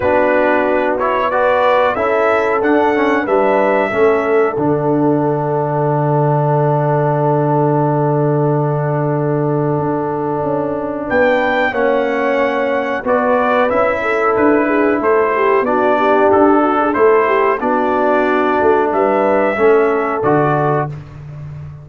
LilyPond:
<<
  \new Staff \with { instrumentName = "trumpet" } { \time 4/4 \tempo 4 = 92 b'4. cis''8 d''4 e''4 | fis''4 e''2 fis''4~ | fis''1~ | fis''1~ |
fis''4 g''4 fis''2 | d''4 e''4 b'4 c''4 | d''4 a'4 c''4 d''4~ | d''4 e''2 d''4 | }
  \new Staff \with { instrumentName = "horn" } { \time 4/4 fis'2 b'4 a'4~ | a'4 b'4 a'2~ | a'1~ | a'1~ |
a'4 b'4 cis''2 | b'4. a'4 gis'8 a'8 g'8 | fis'8 g'4 fis'16 gis'16 a'8 g'8 fis'4~ | fis'4 b'4 a'2 | }
  \new Staff \with { instrumentName = "trombone" } { \time 4/4 d'4. e'8 fis'4 e'4 | d'8 cis'8 d'4 cis'4 d'4~ | d'1~ | d'1~ |
d'2 cis'2 | fis'4 e'2. | d'2 e'4 d'4~ | d'2 cis'4 fis'4 | }
  \new Staff \with { instrumentName = "tuba" } { \time 4/4 b2. cis'4 | d'4 g4 a4 d4~ | d1~ | d2. d'4 |
cis'4 b4 ais2 | b4 cis'4 d'4 a4 | b4 d'4 a4 b4~ | b8 a8 g4 a4 d4 | }
>>